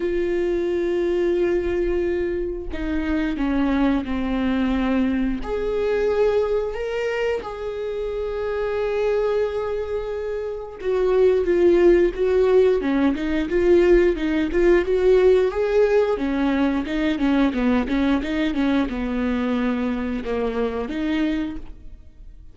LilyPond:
\new Staff \with { instrumentName = "viola" } { \time 4/4 \tempo 4 = 89 f'1 | dis'4 cis'4 c'2 | gis'2 ais'4 gis'4~ | gis'1 |
fis'4 f'4 fis'4 cis'8 dis'8 | f'4 dis'8 f'8 fis'4 gis'4 | cis'4 dis'8 cis'8 b8 cis'8 dis'8 cis'8 | b2 ais4 dis'4 | }